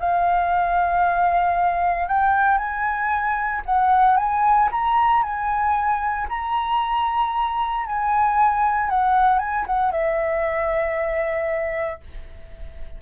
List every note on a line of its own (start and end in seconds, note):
0.00 2.08 F5
2.08 2.58 G5
2.58 3.62 G#5
3.66 4.17 F#5
4.17 4.69 G#5
4.72 5.23 A#5
5.23 6.27 G#5
6.30 7.86 A#5
7.86 8.90 G#5
8.90 9.39 F#5
9.39 9.65 G#5
9.67 9.92 F#5
9.92 12.01 E5